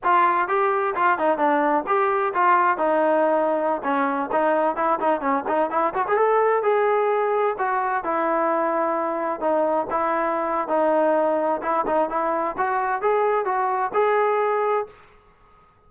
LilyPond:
\new Staff \with { instrumentName = "trombone" } { \time 4/4 \tempo 4 = 129 f'4 g'4 f'8 dis'8 d'4 | g'4 f'4 dis'2~ | dis'16 cis'4 dis'4 e'8 dis'8 cis'8 dis'16~ | dis'16 e'8 fis'16 gis'16 a'4 gis'4.~ gis'16~ |
gis'16 fis'4 e'2~ e'8.~ | e'16 dis'4 e'4.~ e'16 dis'4~ | dis'4 e'8 dis'8 e'4 fis'4 | gis'4 fis'4 gis'2 | }